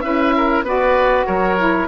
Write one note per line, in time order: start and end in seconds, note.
0.00 0.62 C#4
0.00 0.64 E4
0.00 0.35 B4
0.00 0.62 E5
0.36 0.64 A#4
0.62 1.24 B3
0.62 1.57 F#4
0.62 1.26 B4
0.62 1.26 D5
1.26 1.87 F#3
1.26 1.87 A#4
1.26 1.87 C#5
1.58 1.87 E4